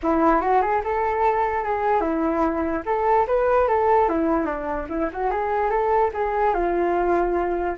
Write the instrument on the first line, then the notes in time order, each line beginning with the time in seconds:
flute
0.02 E4
0.41 F#4
0.61 G#4
0.83 A4
1.64 G#4
2.00 E4
2.85 A4
3.27 B4
3.68 A4
4.08 E4
4.45 D4
4.89 E4
5.13 F#4
5.30 G#4
5.70 A4
6.13 G#4
6.53 F4